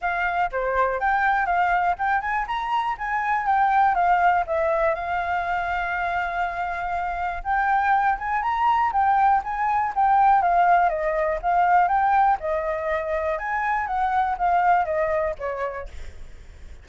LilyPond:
\new Staff \with { instrumentName = "flute" } { \time 4/4 \tempo 4 = 121 f''4 c''4 g''4 f''4 | g''8 gis''8 ais''4 gis''4 g''4 | f''4 e''4 f''2~ | f''2. g''4~ |
g''8 gis''8 ais''4 g''4 gis''4 | g''4 f''4 dis''4 f''4 | g''4 dis''2 gis''4 | fis''4 f''4 dis''4 cis''4 | }